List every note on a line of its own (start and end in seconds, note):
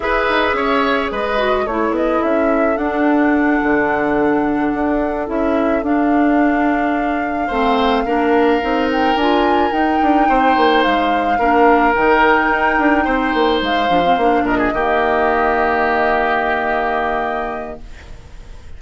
0.00 0.27 E4
0.00 1.37 G#4
0.00 0.56 B4
0.00 1.10 E5
0.28 0.53 D#4
0.53 1.08 C#4
0.53 1.11 C#5
1.11 1.66 G#3
1.11 1.65 B4
1.11 1.66 D#5
1.37 1.65 F#4
1.65 1.90 A3
1.65 2.77 E4
1.65 7.47 A4
1.65 1.94 C#5
1.90 2.18 B3
1.90 2.22 D#5
2.22 2.77 C#4
2.22 2.77 E5
2.77 3.60 D4
2.77 5.26 D4
2.77 5.27 F#5
3.62 4.73 D3
4.73 5.28 D4
5.26 5.82 C#4
5.26 5.81 E4
5.26 5.84 E5
5.82 7.49 D4
5.82 7.50 D4
5.82 8.90 F5
7.47 8.05 A3
7.47 8.06 C4
7.47 8.02 C5
8.05 8.60 A#3
8.05 8.61 D4
8.05 10.28 A#4
8.61 9.15 C4
8.61 9.17 D#4
8.91 9.16 G5
9.15 9.70 D4
9.15 9.71 F4
9.15 9.72 G#5
9.71 11.37 D#4
9.71 9.99 D#4
9.71 10.82 G5
10.02 10.29 D4
10.28 10.56 C4
10.28 11.38 C5
10.57 10.84 A#3
10.82 11.38 G#3
10.82 11.94 F5
11.38 11.94 A#3
11.38 11.94 D4
11.38 13.04 A#4
11.94 12.49 D#3
11.94 13.88 D#4
11.94 13.61 G5
12.49 12.77 D#4
12.78 13.05 D4
13.04 13.34 C4
13.04 14.43 C5
13.34 13.61 A#3
13.61 13.88 G#3
13.61 14.46 F5
13.88 14.16 F3
13.88 14.02 D4
14.04 14.18 C4
14.16 14.42 A#3
14.16 14.75 D4
14.42 14.70 A#2
14.42 14.58 A#4
14.42 17.79 D#5
14.58 14.72 G#4
14.73 17.78 D#3
14.73 17.81 A#3
14.73 17.79 G4